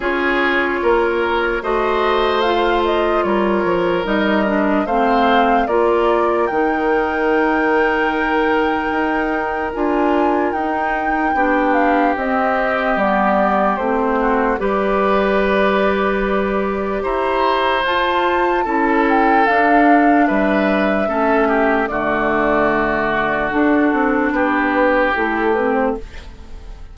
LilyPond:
<<
  \new Staff \with { instrumentName = "flute" } { \time 4/4 \tempo 4 = 74 cis''2 dis''4 f''8 dis''8 | cis''4 dis''4 f''4 d''4 | g''1 | gis''4 g''4. f''8 dis''4 |
d''4 c''4 d''2~ | d''4 ais''4 a''4. g''8 | f''4 e''2 d''4~ | d''4 a'4 b'4 a'8 b'16 c''16 | }
  \new Staff \with { instrumentName = "oboe" } { \time 4/4 gis'4 ais'4 c''2 | ais'2 c''4 ais'4~ | ais'1~ | ais'2 g'2~ |
g'4. fis'8 b'2~ | b'4 c''2 a'4~ | a'4 b'4 a'8 g'8 fis'4~ | fis'2 g'2 | }
  \new Staff \with { instrumentName = "clarinet" } { \time 4/4 f'2 fis'4 f'4~ | f'4 dis'8 d'8 c'4 f'4 | dis'1 | f'4 dis'4 d'4 c'4 |
b4 c'4 g'2~ | g'2 f'4 e'4 | d'2 cis'4 a4~ | a4 d'2 e'8 c'8 | }
  \new Staff \with { instrumentName = "bassoon" } { \time 4/4 cis'4 ais4 a2 | g8 f8 g4 a4 ais4 | dis2. dis'4 | d'4 dis'4 b4 c'4 |
g4 a4 g2~ | g4 e'4 f'4 cis'4 | d'4 g4 a4 d4~ | d4 d'8 c'8 b4 a4 | }
>>